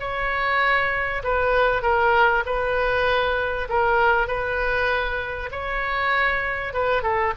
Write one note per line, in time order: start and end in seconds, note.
0.00 1.22 C#5
1.23 1.82 B4
1.82 2.44 A#4
2.46 3.68 B4
3.69 4.27 A#4
4.27 5.50 B4
5.52 6.73 C#5
6.73 7.03 B4
7.03 7.33 A4